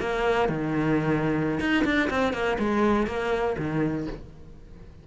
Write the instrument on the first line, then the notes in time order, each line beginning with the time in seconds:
cello
0.00 A#3
0.49 D#3
1.60 D#4
1.85 D4
2.10 C4
2.33 A#3
2.59 G#3
3.07 A#3
3.58 D#3